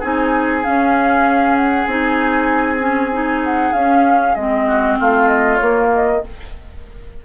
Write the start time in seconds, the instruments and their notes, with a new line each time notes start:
0.00 bassoon C4, clarinet D#4, oboe G#4, flute G#5
0.63 clarinet C#4, bassoon C#4, flute F5
1.56 flute F#5
1.87 bassoon C4, clarinet D#4, flute G#5
2.80 clarinet C#4
3.12 clarinet D#4
3.44 flute F#5
3.73 bassoon C#4, clarinet C#4, flute F5
4.35 bassoon G#3, clarinet C4, flute D#5
4.68 oboe F#4
4.99 bassoon A3, oboe F4, flute F5
5.28 flute D#5
5.56 clarinet A#3, bassoon A#3, flute C#5
5.94 flute D#5